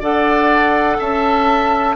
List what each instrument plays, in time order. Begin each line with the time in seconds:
0.00 bassoon D4, clarinet A4, oboe D5, flute F#5
0.99 bassoon C#4, oboe E5, flute A5